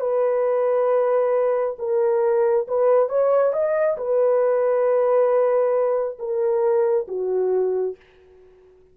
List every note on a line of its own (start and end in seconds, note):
0.00 1.76 B4
1.78 2.67 A#4
2.68 3.09 B4
3.09 3.53 C#5
3.53 3.97 D#5
3.97 6.18 B4
6.19 7.07 A#4
7.08 7.96 F#4